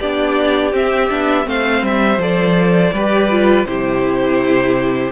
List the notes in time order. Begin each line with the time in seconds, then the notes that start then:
0.00 B3 D4 G4 D5
0.72 C4 E5
1.11 B3 D4
1.45 A3 C4 C5 F5
1.83 G3 E5
2.18 F3 A4 D5
2.93 G3 G4 B4
3.31 F4
3.66 C3 E4 G4 C5